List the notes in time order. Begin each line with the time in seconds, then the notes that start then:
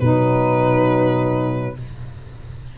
0.00 B2 F#3 D#4 B4